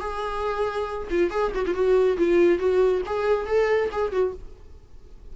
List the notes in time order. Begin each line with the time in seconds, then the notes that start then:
0.00 G#4
1.10 F4
1.30 G#4
1.55 F#4
1.66 F4
1.74 F#4
2.18 F4
2.59 F#4
3.06 G#4
3.47 A4
3.92 G#4
4.12 F#4